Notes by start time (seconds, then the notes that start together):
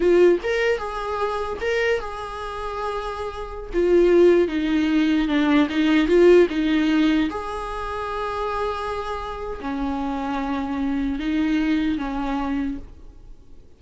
0.00 F4
0.43 A#4
0.77 G#4
1.60 A#4
2.00 G#4
3.73 F4
4.47 D#4
5.28 D4
5.69 D#4
6.07 F4
6.49 D#4
7.30 G#4
9.60 C#4
11.19 D#4
11.98 C#4